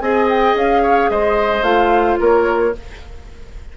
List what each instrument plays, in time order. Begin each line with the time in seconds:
0.00 bassoon C4, clarinet G#4, oboe D#5, flute G#5
0.29 flute G5
0.54 bassoon C#4, flute F5
0.82 oboe C#5
1.10 bassoon G#3, oboe C5, flute D#5
1.62 bassoon A3, clarinet F4, flute F5
2.20 bassoon A#3, oboe A#4, flute C#5